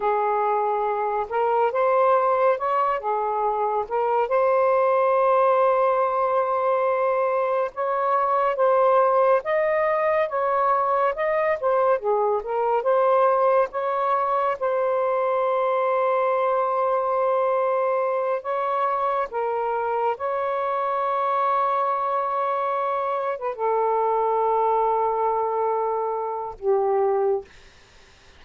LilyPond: \new Staff \with { instrumentName = "saxophone" } { \time 4/4 \tempo 4 = 70 gis'4. ais'8 c''4 cis''8 gis'8~ | gis'8 ais'8 c''2.~ | c''4 cis''4 c''4 dis''4 | cis''4 dis''8 c''8 gis'8 ais'8 c''4 |
cis''4 c''2.~ | c''4. cis''4 ais'4 cis''8~ | cis''2.~ cis''16 b'16 a'8~ | a'2. g'4 | }